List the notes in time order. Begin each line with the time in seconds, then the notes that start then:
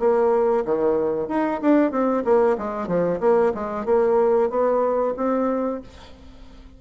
0.00 A#3
0.65 D#3
1.29 D#4
1.62 D4
1.92 C4
2.25 A#3
2.58 G#3
2.88 F3
3.21 A#3
3.55 G#3
3.86 A#3
4.50 B3
5.17 C4